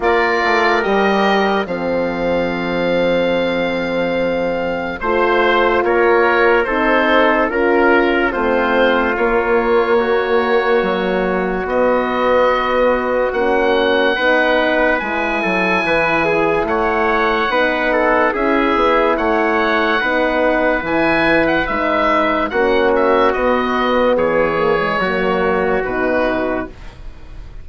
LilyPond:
<<
  \new Staff \with { instrumentName = "oboe" } { \time 4/4 \tempo 4 = 72 d''4 dis''4 f''2~ | f''2 c''4 cis''4 | c''4 ais'4 c''4 cis''4~ | cis''2 dis''2 |
fis''2 gis''2 | fis''2 e''4 fis''4~ | fis''4 gis''8. fis''16 e''4 fis''8 e''8 | dis''4 cis''2 b'4 | }
  \new Staff \with { instrumentName = "trumpet" } { \time 4/4 ais'2 a'2~ | a'2 c''4 ais'4 | a'4 ais'4 f'2 | fis'1~ |
fis'4 b'4. a'8 b'8 gis'8 | cis''4 b'8 a'8 gis'4 cis''4 | b'2. fis'4~ | fis'4 gis'4 fis'2 | }
  \new Staff \with { instrumentName = "horn" } { \time 4/4 f'4 g'4 c'2~ | c'2 f'2 | dis'4 f'4 c'4 ais4~ | ais2 b2 |
cis'4 dis'4 e'2~ | e'4 dis'4 e'2 | dis'4 e'4 dis'4 cis'4 | b4. ais16 gis16 ais4 dis'4 | }
  \new Staff \with { instrumentName = "bassoon" } { \time 4/4 ais8 a8 g4 f2~ | f2 a4 ais4 | c'4 cis'4 a4 ais4~ | ais4 fis4 b2 |
ais4 b4 gis8 fis8 e4 | a4 b4 cis'8 b8 a4 | b4 e4 gis4 ais4 | b4 e4 fis4 b,4 | }
>>